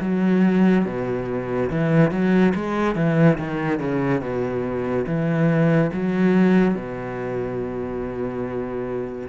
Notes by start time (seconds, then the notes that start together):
0.00 F#3
0.85 B2
1.70 E3
2.11 F#3
2.54 G#3
2.95 E3
3.38 D#3
3.79 C#3
4.21 B2
5.06 E3
5.93 F#3
6.74 B2